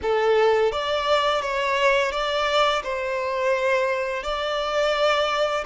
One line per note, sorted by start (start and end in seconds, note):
0.02 0.72 A4
0.72 1.41 D5
1.41 2.11 C#5
2.11 2.82 D5
2.83 4.23 C5
4.23 5.64 D5